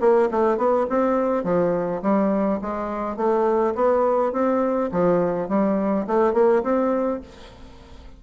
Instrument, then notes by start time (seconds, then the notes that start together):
bassoon
0.00 A#3
0.31 A3
0.57 B3
0.89 C4
1.44 F3
2.02 G3
2.61 G#3
3.16 A3
3.75 B3
4.33 C4
4.92 F3
5.48 G3
6.07 A3
6.33 A#3
6.63 C4